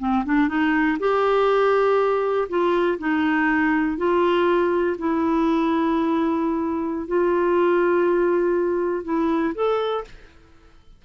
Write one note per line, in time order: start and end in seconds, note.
0.00 0.25 C4
0.25 0.49 D4
0.49 0.98 D#4
1.00 2.48 G4
2.49 2.99 F4
2.99 3.98 D#4
3.98 4.97 F4
4.99 7.08 E4
7.08 9.05 F4
9.05 9.54 E4
9.55 10.05 A4